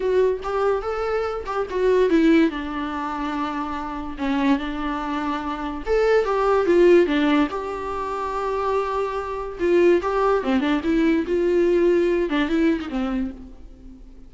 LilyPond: \new Staff \with { instrumentName = "viola" } { \time 4/4 \tempo 4 = 144 fis'4 g'4 a'4. g'8 | fis'4 e'4 d'2~ | d'2 cis'4 d'4~ | d'2 a'4 g'4 |
f'4 d'4 g'2~ | g'2. f'4 | g'4 c'8 d'8 e'4 f'4~ | f'4. d'8 e'8. dis'16 c'4 | }